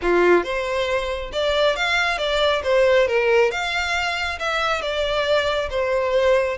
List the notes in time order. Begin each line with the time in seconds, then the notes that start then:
0.02 F4
0.43 C5
1.32 D5
1.76 F5
2.18 D5
2.63 C5
3.07 A#4
3.51 F5
4.39 E5
4.81 D5
5.70 C5